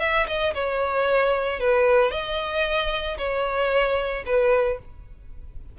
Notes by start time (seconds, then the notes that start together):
0.00 E5
0.27 D#5
0.54 C#5
1.60 B4
2.11 D#5
3.18 C#5
4.26 B4